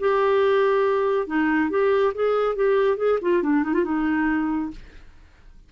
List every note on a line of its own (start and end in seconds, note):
0.00 1.27 G4
1.27 1.71 D#4
1.71 2.14 G4
2.15 2.56 G#4
2.56 2.97 G4
2.97 3.19 G#4
3.22 3.43 F4
3.43 3.64 D4
3.64 3.74 D#4
3.74 3.85 F4
3.85 4.71 D#4